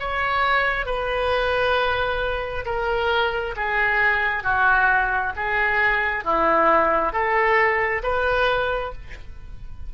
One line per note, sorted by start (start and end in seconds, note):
0.00 0.86 C#5
0.86 2.65 B4
2.66 3.55 A#4
3.57 4.44 G#4
4.44 5.33 F#4
5.36 6.24 G#4
6.24 7.13 E4
7.13 8.03 A4
8.04 8.93 B4